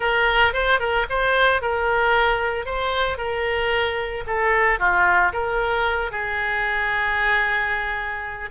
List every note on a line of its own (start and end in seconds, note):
0.00 0.53 A#4
0.53 0.79 C5
0.79 1.06 A#4
1.09 1.61 C5
1.61 2.65 A#4
2.65 3.17 C5
3.17 4.24 A#4
4.26 4.79 A4
4.79 5.32 F4
5.32 6.11 A#4
6.11 8.50 G#4